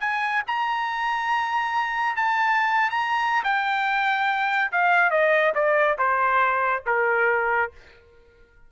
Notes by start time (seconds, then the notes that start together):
0.00 G#5
0.47 A#5
2.16 A5
2.90 A#5
3.44 G5
4.71 F5
5.10 D#5
5.54 D5
5.98 C5
6.86 A#4